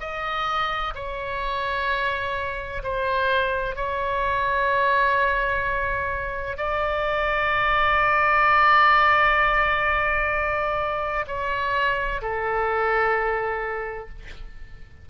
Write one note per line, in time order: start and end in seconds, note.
0.00 0.94 D#5
0.95 2.83 C#5
2.83 3.76 C5
3.76 6.57 C#5
6.57 11.26 D5
11.27 12.21 C#5
12.21 14.09 A4